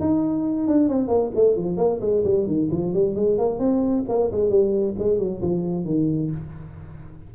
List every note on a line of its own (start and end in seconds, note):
0.00 0.67 D#4
0.67 0.89 D4
0.89 1.08 C4
1.08 1.31 A#3
1.35 1.56 A3
1.56 1.77 F3
1.77 2.00 A#3
2.01 2.24 G#3
2.24 2.47 G3
2.47 2.70 D#3
2.71 2.93 F3
2.93 3.15 G3
3.15 3.38 G#3
3.38 3.59 A#3
3.59 4.05 C4
4.08 4.31 A#3
4.31 4.50 G#3
4.50 4.95 G3
4.98 5.19 G#3
5.19 5.41 F#3
5.42 5.85 F3
5.85 6.30 D#3